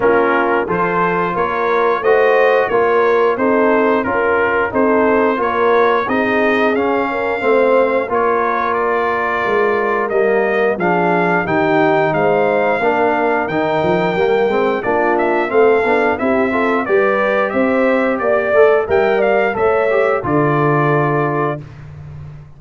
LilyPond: <<
  \new Staff \with { instrumentName = "trumpet" } { \time 4/4 \tempo 4 = 89 ais'4 c''4 cis''4 dis''4 | cis''4 c''4 ais'4 c''4 | cis''4 dis''4 f''2 | cis''4 d''2 dis''4 |
f''4 g''4 f''2 | g''2 d''8 e''8 f''4 | e''4 d''4 e''4 d''4 | g''8 f''8 e''4 d''2 | }
  \new Staff \with { instrumentName = "horn" } { \time 4/4 f'4 a'4 ais'4 c''4 | ais'4 a'4 ais'4 a'4 | ais'4 gis'4. ais'8 c''4 | ais'1 |
gis'4 g'4 c''4 ais'4~ | ais'2 f'4 a'4 | g'8 a'8 b'4 c''4 d''4 | e''8 d''8 cis''4 a'2 | }
  \new Staff \with { instrumentName = "trombone" } { \time 4/4 cis'4 f'2 fis'4 | f'4 dis'4 f'4 dis'4 | f'4 dis'4 cis'4 c'4 | f'2. ais4 |
d'4 dis'2 d'4 | dis'4 ais8 c'8 d'4 c'8 d'8 | e'8 f'8 g'2~ g'8 a'8 | ais'4 a'8 g'8 f'2 | }
  \new Staff \with { instrumentName = "tuba" } { \time 4/4 ais4 f4 ais4 a4 | ais4 c'4 cis'4 c'4 | ais4 c'4 cis'4 a4 | ais2 gis4 g4 |
f4 dis4 gis4 ais4 | dis8 f8 g8 gis8 ais4 a8 b8 | c'4 g4 c'4 ais8 a8 | g4 a4 d2 | }
>>